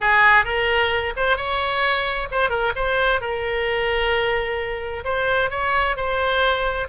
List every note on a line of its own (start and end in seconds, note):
0.01 0.45 G#4
0.45 1.13 A#4
1.16 1.36 C5
1.36 2.28 C#5
2.31 2.49 C5
2.49 2.72 A#4
2.75 3.20 C5
3.20 5.04 A#4
5.04 5.50 C5
5.50 5.96 C#5
5.96 6.88 C5